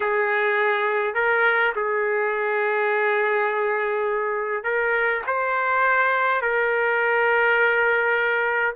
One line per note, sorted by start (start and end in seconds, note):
0.00 1.14 G#4
1.14 1.72 A#4
1.75 4.63 G#4
4.63 5.22 A#4
5.27 6.41 C5
6.41 8.74 A#4